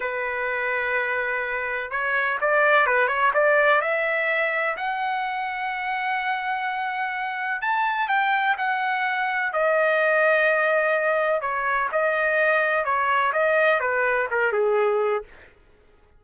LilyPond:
\new Staff \with { instrumentName = "trumpet" } { \time 4/4 \tempo 4 = 126 b'1 | cis''4 d''4 b'8 cis''8 d''4 | e''2 fis''2~ | fis''1 |
a''4 g''4 fis''2 | dis''1 | cis''4 dis''2 cis''4 | dis''4 b'4 ais'8 gis'4. | }